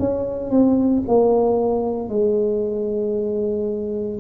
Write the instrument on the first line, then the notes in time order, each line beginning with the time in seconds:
tuba
0.00 C#4
0.51 C4
1.08 A#3
2.10 G#3